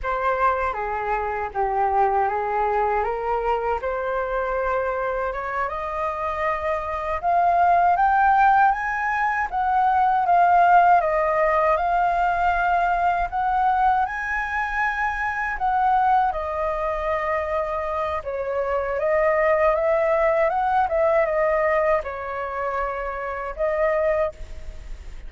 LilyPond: \new Staff \with { instrumentName = "flute" } { \time 4/4 \tempo 4 = 79 c''4 gis'4 g'4 gis'4 | ais'4 c''2 cis''8 dis''8~ | dis''4. f''4 g''4 gis''8~ | gis''8 fis''4 f''4 dis''4 f''8~ |
f''4. fis''4 gis''4.~ | gis''8 fis''4 dis''2~ dis''8 | cis''4 dis''4 e''4 fis''8 e''8 | dis''4 cis''2 dis''4 | }